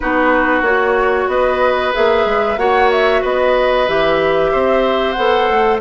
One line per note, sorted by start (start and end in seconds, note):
0.00 0.61 B3
0.00 0.64 D#4
0.00 1.30 F#4
0.00 0.62 B4
0.61 1.26 A#3
0.61 1.93 F#4
0.61 1.28 C#5
1.27 1.92 B3
1.27 2.59 B4
1.27 1.92 D#5
1.93 2.25 A#3
1.93 2.57 G#4
1.93 2.58 E5
2.25 2.57 G#3
2.57 3.21 A#3
2.57 3.87 F#4
2.57 3.21 C#5
2.57 2.90 F#5
2.91 3.23 E5
3.21 3.88 B3
3.21 4.50 B4
3.21 3.88 D#5
3.87 4.52 E3
3.87 5.16 G4
3.87 5.12 E5
4.51 5.17 C4
4.51 5.80 C5
5.12 5.49 B3
5.12 5.80 A4
5.12 5.76 F#5
5.49 5.80 A3